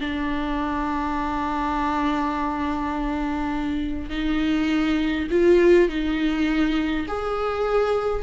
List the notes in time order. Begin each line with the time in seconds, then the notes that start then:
0.00 D4
4.10 D#4
5.30 F4
5.89 D#4
7.08 G#4